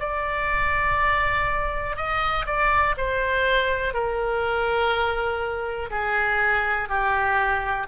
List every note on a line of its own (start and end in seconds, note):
0.00 1.97 D5
1.97 2.46 D#5
2.47 2.96 D5
2.98 3.94 C5
3.94 5.91 A#4
5.91 6.89 G#4
6.89 7.88 G4